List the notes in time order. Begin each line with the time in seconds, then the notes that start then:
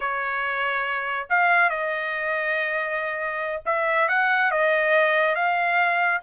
0.00 C#5
1.29 F5
1.69 D#5
3.65 E5
4.08 F#5
4.51 D#5
5.35 F5